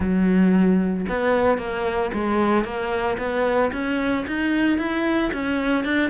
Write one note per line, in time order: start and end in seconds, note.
0.00 1.06 F#3
1.09 1.58 B3
1.58 2.11 A#3
2.13 2.64 G#3
2.64 3.17 A#3
3.18 3.71 B3
3.72 4.25 C#4
4.27 4.78 D#4
4.78 5.31 E4
5.33 5.84 C#4
5.84 6.10 D4